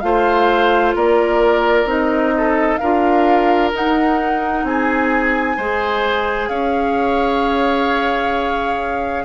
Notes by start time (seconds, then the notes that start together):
0.00 A3 F4 C5 F5
0.95 A#3 A#4 D5
1.85 C4 D#4 D#5
2.37 A4
2.77 D4 F4 A#4 F5
3.72 D#4 F#5
4.63 C4 G#4 G#5
5.57 G#3 G#4 C5
6.49 C#4 C#5 F5